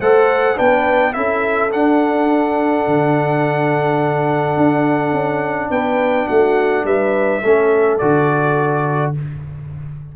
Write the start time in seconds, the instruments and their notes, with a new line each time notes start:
0.00 tuba A3, trombone A4, horn C5, trumpet F#5
0.55 tuba B3, trombone D4, horn B4, trumpet G5
1.13 tuba C#4, trombone E4, horn A4, trumpet E5
1.71 trombone D4, tuba D4, trumpet F#5
2.87 tuba D3
4.56 tuba D4
5.12 tuba C#4
5.70 tuba B3, horn B4, trumpet G5
6.27 tuba A3, horn F#4, trumpet F#5
6.84 tuba G3, horn B4, trumpet E5
7.42 tuba A3, trombone C#4, horn A4
7.98 tuba D3, trombone F#4, trumpet D5